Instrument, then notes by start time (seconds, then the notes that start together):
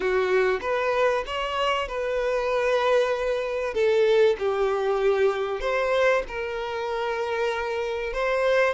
violin
0.00 F#4
0.61 B4
1.26 C#5
1.88 B4
3.74 A4
4.38 G4
5.60 C5
6.28 A#4
8.13 C5